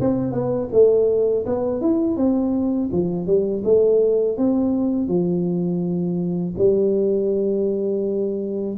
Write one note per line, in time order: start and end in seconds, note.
0.00 0.32 C4
0.32 0.68 B3
0.73 1.46 A3
1.46 1.81 B3
1.81 2.17 E4
2.17 2.90 C4
2.92 3.27 F3
3.27 3.63 G3
3.65 4.37 A3
4.37 5.08 C4
5.08 6.55 F3
6.58 8.78 G3